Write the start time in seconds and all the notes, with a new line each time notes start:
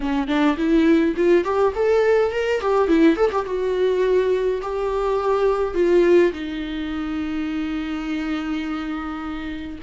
0.00 C#4
0.27 D4
0.57 E4
1.16 F4
1.44 G4
1.75 A4
2.31 A#4
2.60 G4
2.88 E4
3.16 A4
3.31 G4
3.45 F#4
4.62 G4
5.74 F4
6.32 D#4